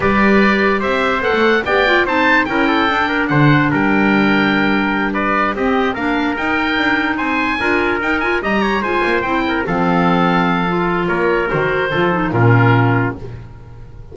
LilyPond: <<
  \new Staff \with { instrumentName = "oboe" } { \time 4/4 \tempo 4 = 146 d''2 e''4 fis''4 | g''4 a''4 g''2 | fis''4 g''2.~ | g''8 d''4 dis''4 f''4 g''8~ |
g''4. gis''2 g''8 | gis''8 ais''4 gis''4 g''4 f''8~ | f''2. cis''4 | c''2 ais'2 | }
  \new Staff \with { instrumentName = "trumpet" } { \time 4/4 b'2 c''2 | d''4 c''4 ais'8 a'4 ais'8 | c''4 ais'2.~ | ais'8 b'4 g'4 ais'4.~ |
ais'4. c''4 ais'4.~ | ais'8 dis''8 cis''8 c''4. ais'8 a'8~ | a'2. ais'4~ | ais'4 a'4 f'2 | }
  \new Staff \with { instrumentName = "clarinet" } { \time 4/4 g'2. a'4 | g'8 f'8 dis'4 e'4 d'4~ | d'1~ | d'4. c'4 d'4 dis'8~ |
dis'2~ dis'8 f'4 dis'8 | f'8 g'4 f'4 e'4 c'8~ | c'2 f'2 | fis'4 f'8 dis'8 cis'2 | }
  \new Staff \with { instrumentName = "double bass" } { \time 4/4 g2 c'4 b16 a8. | b4 c'4 cis'4 d'4 | d4 g2.~ | g4. c'4 ais4 dis'8~ |
dis'8 d'4 c'4 d'4 dis'8~ | dis'8 g4 gis8 ais8 c'4 f8~ | f2. ais4 | dis4 f4 ais,2 | }
>>